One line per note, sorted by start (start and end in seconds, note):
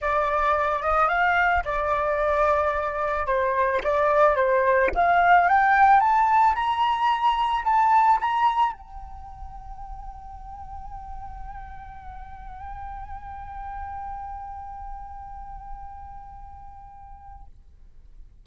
0.01 0.82 D5
0.82 1.08 D#5
1.08 1.63 F5
1.65 3.26 D5
3.26 3.81 C5
3.83 4.36 D5
4.36 4.90 C5
4.94 5.48 F5
5.48 6.00 G5
6.00 6.55 A5
6.55 7.64 A#5
7.64 8.18 A5
8.21 8.72 A#5
8.72 17.45 G5